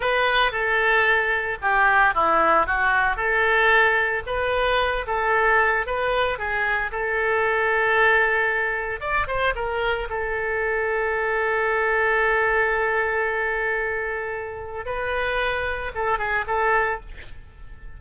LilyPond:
\new Staff \with { instrumentName = "oboe" } { \time 4/4 \tempo 4 = 113 b'4 a'2 g'4 | e'4 fis'4 a'2 | b'4. a'4. b'4 | gis'4 a'2.~ |
a'4 d''8 c''8 ais'4 a'4~ | a'1~ | a'1 | b'2 a'8 gis'8 a'4 | }